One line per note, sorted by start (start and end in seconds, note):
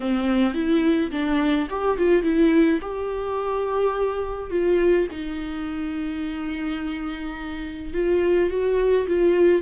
0.00 0.54 C4
0.54 1.10 E4
1.11 1.67 D4
1.70 1.97 G4
1.97 2.23 F4
2.23 2.79 E4
2.81 4.50 G4
4.50 5.07 F4
5.11 7.93 D#4
7.93 8.50 F4
8.50 9.06 F#4
9.07 9.61 F4